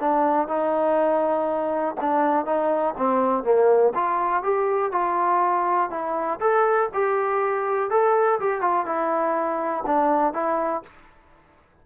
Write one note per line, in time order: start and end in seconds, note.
0.00 0.48 D4
0.48 1.96 D#4
2.01 2.45 D4
2.45 2.95 D#4
2.97 3.44 C4
3.44 3.93 A#3
3.95 4.43 F4
4.43 4.92 G4
4.92 5.90 F4
5.90 6.39 E4
6.40 6.89 A4
6.94 7.90 G4
7.90 8.39 A4
8.40 8.61 G4
8.61 8.86 F4
8.86 9.84 E4
9.86 10.34 D4
10.34 10.83 E4